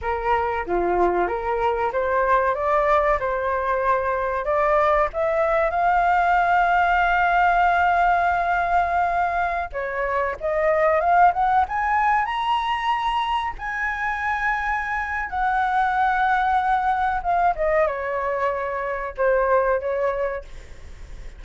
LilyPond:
\new Staff \with { instrumentName = "flute" } { \time 4/4 \tempo 4 = 94 ais'4 f'4 ais'4 c''4 | d''4 c''2 d''4 | e''4 f''2.~ | f''2.~ f''16 cis''8.~ |
cis''16 dis''4 f''8 fis''8 gis''4 ais''8.~ | ais''4~ ais''16 gis''2~ gis''8. | fis''2. f''8 dis''8 | cis''2 c''4 cis''4 | }